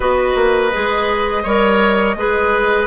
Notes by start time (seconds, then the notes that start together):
0.00 B3 F#4 B4 D#5
0.35 A#3
0.72 G#3 G#4
1.43 G3 A#4 C#5
2.15 G#3 G#4 B4